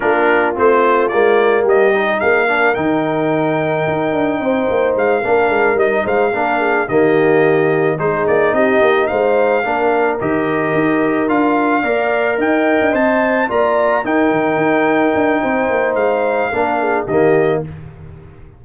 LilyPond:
<<
  \new Staff \with { instrumentName = "trumpet" } { \time 4/4 \tempo 4 = 109 ais'4 c''4 d''4 dis''4 | f''4 g''2.~ | g''4 f''4. dis''8 f''4~ | f''8 dis''2 c''8 d''8 dis''8~ |
dis''8 f''2 dis''4.~ | dis''8 f''2 g''4 a''8~ | a''8 ais''4 g''2~ g''8~ | g''4 f''2 dis''4 | }
  \new Staff \with { instrumentName = "horn" } { \time 4/4 f'2. g'4 | gis'8 ais'2.~ ais'8 | c''4. ais'4. c''8 ais'8 | gis'8 g'2 gis'4 g'8~ |
g'8 c''4 ais'2~ ais'8~ | ais'4. d''4 dis''4.~ | dis''8 d''4 ais'2~ ais'8 | c''2 ais'8 gis'8 g'4 | }
  \new Staff \with { instrumentName = "trombone" } { \time 4/4 d'4 c'4 ais4. dis'8~ | dis'8 d'8 dis'2.~ | dis'4. d'4 dis'4 d'8~ | d'8 ais2 dis'4.~ |
dis'4. d'4 g'4.~ | g'8 f'4 ais'2 c''8~ | c''8 f'4 dis'2~ dis'8~ | dis'2 d'4 ais4 | }
  \new Staff \with { instrumentName = "tuba" } { \time 4/4 ais4 a4 gis4 g4 | ais4 dis2 dis'8 d'8 | c'8 ais8 gis8 ais8 gis8 g8 gis8 ais8~ | ais8 dis2 gis8 ais8 c'8 |
ais8 gis4 ais4 dis4 dis'8~ | dis'8 d'4 ais4 dis'8. d'16 c'8~ | c'8 ais4 dis'8 dis8 dis'4 d'8 | c'8 ais8 gis4 ais4 dis4 | }
>>